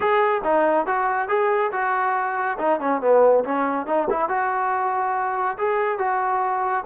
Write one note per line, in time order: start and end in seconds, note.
0.00 0.41 G#4
0.43 0.86 D#4
0.86 1.28 F#4
1.28 1.71 G#4
1.72 2.57 F#4
2.58 2.80 D#4
2.80 3.01 C#4
3.01 3.44 B3
3.44 3.86 C#4
3.86 4.08 D#4
4.09 4.28 E4
4.28 5.57 F#4
5.57 5.98 G#4
5.98 6.84 F#4